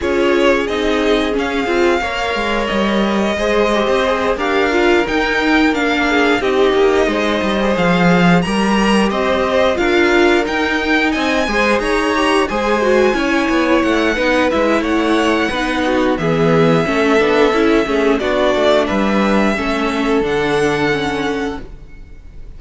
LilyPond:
<<
  \new Staff \with { instrumentName = "violin" } { \time 4/4 \tempo 4 = 89 cis''4 dis''4 f''2 | dis''2~ dis''8 f''4 g''8~ | g''8 f''4 dis''2 f''8~ | f''8 ais''4 dis''4 f''4 g''8~ |
g''8 gis''4 ais''4 gis''4.~ | gis''8 fis''4 e''8 fis''2 | e''2. d''4 | e''2 fis''2 | }
  \new Staff \with { instrumentName = "violin" } { \time 4/4 gis'2. cis''4~ | cis''4 c''4. ais'4.~ | ais'4 gis'8 g'4 c''4.~ | c''8 ais'4 c''4 ais'4.~ |
ais'8 dis''8 c''8 cis''4 c''4 cis''8~ | cis''4 b'4 cis''4 b'8 fis'8 | gis'4 a'4. gis'8 fis'4 | b'4 a'2. | }
  \new Staff \with { instrumentName = "viola" } { \time 4/4 f'4 dis'4 cis'8 f'8 ais'4~ | ais'4 gis'8 g'8 gis'8 g'8 f'8 dis'8~ | dis'8 d'4 dis'4.~ dis'16 gis'8.~ | gis'8 g'2 f'4 dis'8~ |
dis'4 gis'4 g'8 gis'8 fis'8 e'8~ | e'4 dis'8 e'4. dis'4 | b4 cis'8 d'8 e'8 cis'8 d'4~ | d'4 cis'4 d'4 cis'4 | }
  \new Staff \with { instrumentName = "cello" } { \time 4/4 cis'4 c'4 cis'8 c'8 ais8 gis8 | g4 gis8. c'8. d'4 dis'8~ | dis'8 ais4 c'8 ais8 gis8 g8 f8~ | f8 g4 c'4 d'4 dis'8~ |
dis'8 c'8 gis8 dis'4 gis4 cis'8 | b8 a8 b8 gis8 a4 b4 | e4 a8 b8 cis'8 a8 b8 a8 | g4 a4 d2 | }
>>